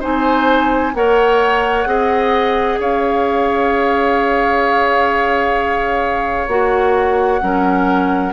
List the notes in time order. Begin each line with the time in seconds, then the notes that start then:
0.00 C4 D#4 C5 G#5
0.94 A#3 A#4 C#5 F#5
1.86 C4 G#4 D#5
2.79 C#4 C#5 F5
6.48 A#3 F#4 F#5
7.41 F#3 C#4 A#4